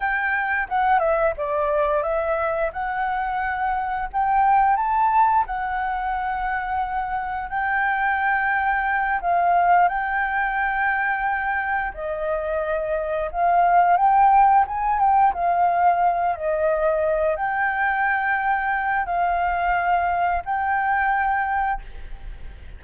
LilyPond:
\new Staff \with { instrumentName = "flute" } { \time 4/4 \tempo 4 = 88 g''4 fis''8 e''8 d''4 e''4 | fis''2 g''4 a''4 | fis''2. g''4~ | g''4. f''4 g''4.~ |
g''4. dis''2 f''8~ | f''8 g''4 gis''8 g''8 f''4. | dis''4. g''2~ g''8 | f''2 g''2 | }